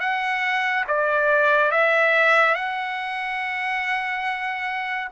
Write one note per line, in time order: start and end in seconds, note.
0.00 0.85 F#5
0.88 1.71 D5
1.71 2.55 E5
2.55 5.08 F#5